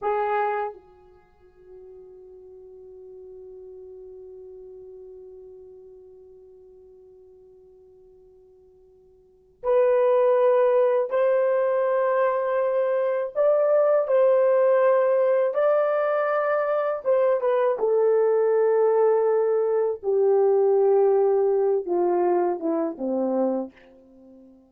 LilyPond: \new Staff \with { instrumentName = "horn" } { \time 4/4 \tempo 4 = 81 gis'4 fis'2.~ | fis'1~ | fis'1~ | fis'4 b'2 c''4~ |
c''2 d''4 c''4~ | c''4 d''2 c''8 b'8 | a'2. g'4~ | g'4. f'4 e'8 c'4 | }